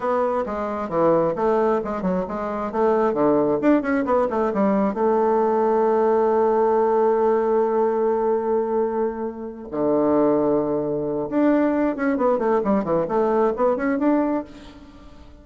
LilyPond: \new Staff \with { instrumentName = "bassoon" } { \time 4/4 \tempo 4 = 133 b4 gis4 e4 a4 | gis8 fis8 gis4 a4 d4 | d'8 cis'8 b8 a8 g4 a4~ | a1~ |
a1~ | a4. d2~ d8~ | d4 d'4. cis'8 b8 a8 | g8 e8 a4 b8 cis'8 d'4 | }